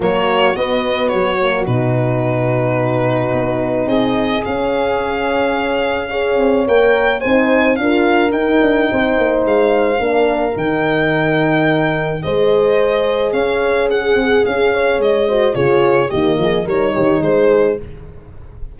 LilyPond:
<<
  \new Staff \with { instrumentName = "violin" } { \time 4/4 \tempo 4 = 108 cis''4 dis''4 cis''4 b'4~ | b'2. dis''4 | f''1 | g''4 gis''4 f''4 g''4~ |
g''4 f''2 g''4~ | g''2 dis''2 | f''4 fis''4 f''4 dis''4 | cis''4 dis''4 cis''4 c''4 | }
  \new Staff \with { instrumentName = "horn" } { \time 4/4 fis'1~ | fis'2. gis'4~ | gis'2. cis''4~ | cis''4 c''4 ais'2 |
c''2 ais'2~ | ais'2 c''2 | cis''4 gis'4. cis''4 c''8 | gis'4 g'8 gis'8 ais'8 g'8 gis'4 | }
  \new Staff \with { instrumentName = "horn" } { \time 4/4 ais4 b4. ais8 dis'4~ | dis'1 | cis'2. gis'4 | ais'4 dis'4 f'4 dis'4~ |
dis'2 d'4 dis'4~ | dis'2 gis'2~ | gis'2.~ gis'8 fis'8 | f'4 ais4 dis'2 | }
  \new Staff \with { instrumentName = "tuba" } { \time 4/4 fis4 b4 fis4 b,4~ | b,2 b4 c'4 | cis'2.~ cis'8 c'8 | ais4 c'4 d'4 dis'8 d'8 |
c'8 ais8 gis4 ais4 dis4~ | dis2 gis2 | cis'4. c'8 cis'4 gis4 | cis4 dis8 f8 g8 dis8 gis4 | }
>>